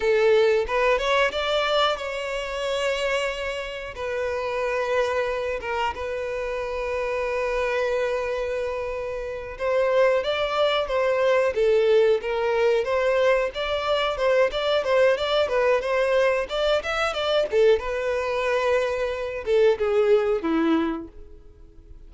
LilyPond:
\new Staff \with { instrumentName = "violin" } { \time 4/4 \tempo 4 = 91 a'4 b'8 cis''8 d''4 cis''4~ | cis''2 b'2~ | b'8 ais'8 b'2.~ | b'2~ b'8 c''4 d''8~ |
d''8 c''4 a'4 ais'4 c''8~ | c''8 d''4 c''8 d''8 c''8 d''8 b'8 | c''4 d''8 e''8 d''8 a'8 b'4~ | b'4. a'8 gis'4 e'4 | }